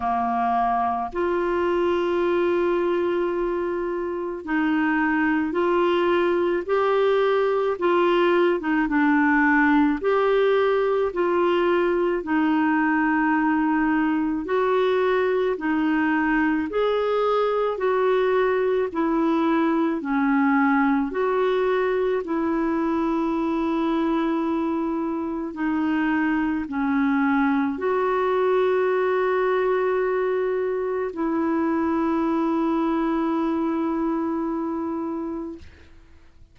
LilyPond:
\new Staff \with { instrumentName = "clarinet" } { \time 4/4 \tempo 4 = 54 ais4 f'2. | dis'4 f'4 g'4 f'8. dis'16 | d'4 g'4 f'4 dis'4~ | dis'4 fis'4 dis'4 gis'4 |
fis'4 e'4 cis'4 fis'4 | e'2. dis'4 | cis'4 fis'2. | e'1 | }